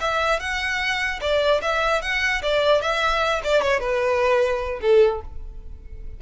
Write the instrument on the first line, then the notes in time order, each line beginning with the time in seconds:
violin
0.00 E5
0.40 F#5
1.21 D5
1.61 E5
2.01 F#5
2.42 D5
2.81 E5
3.43 D5
3.62 C#5
3.80 B4
4.81 A4